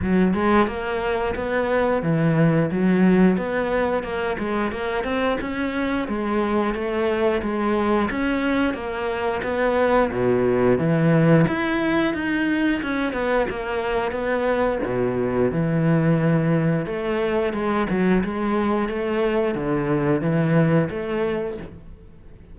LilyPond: \new Staff \with { instrumentName = "cello" } { \time 4/4 \tempo 4 = 89 fis8 gis8 ais4 b4 e4 | fis4 b4 ais8 gis8 ais8 c'8 | cis'4 gis4 a4 gis4 | cis'4 ais4 b4 b,4 |
e4 e'4 dis'4 cis'8 b8 | ais4 b4 b,4 e4~ | e4 a4 gis8 fis8 gis4 | a4 d4 e4 a4 | }